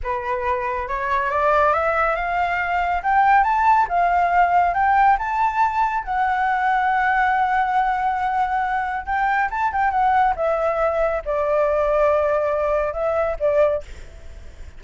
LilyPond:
\new Staff \with { instrumentName = "flute" } { \time 4/4 \tempo 4 = 139 b'2 cis''4 d''4 | e''4 f''2 g''4 | a''4 f''2 g''4 | a''2 fis''2~ |
fis''1~ | fis''4 g''4 a''8 g''8 fis''4 | e''2 d''2~ | d''2 e''4 d''4 | }